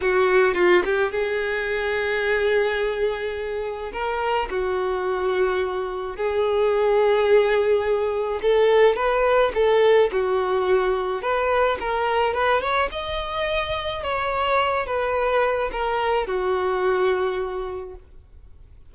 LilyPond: \new Staff \with { instrumentName = "violin" } { \time 4/4 \tempo 4 = 107 fis'4 f'8 g'8 gis'2~ | gis'2. ais'4 | fis'2. gis'4~ | gis'2. a'4 |
b'4 a'4 fis'2 | b'4 ais'4 b'8 cis''8 dis''4~ | dis''4 cis''4. b'4. | ais'4 fis'2. | }